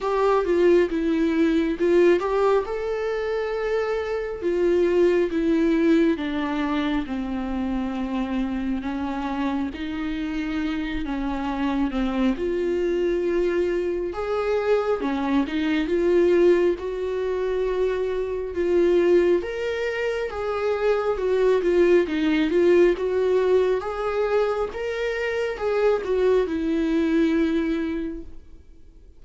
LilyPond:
\new Staff \with { instrumentName = "viola" } { \time 4/4 \tempo 4 = 68 g'8 f'8 e'4 f'8 g'8 a'4~ | a'4 f'4 e'4 d'4 | c'2 cis'4 dis'4~ | dis'8 cis'4 c'8 f'2 |
gis'4 cis'8 dis'8 f'4 fis'4~ | fis'4 f'4 ais'4 gis'4 | fis'8 f'8 dis'8 f'8 fis'4 gis'4 | ais'4 gis'8 fis'8 e'2 | }